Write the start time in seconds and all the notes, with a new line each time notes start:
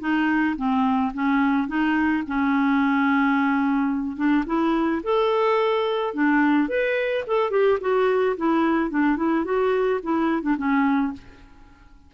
0.00 D#4
0.56 C4
1.13 C#4
1.67 D#4
2.27 C#4
4.16 D4
4.46 E4
5.03 A4
6.14 D4
6.68 B4
7.27 A4
7.51 G4
7.80 F#4
8.37 E4
8.90 D4
9.16 E4
9.44 F#4
10.03 E4
10.42 D4
10.57 C#4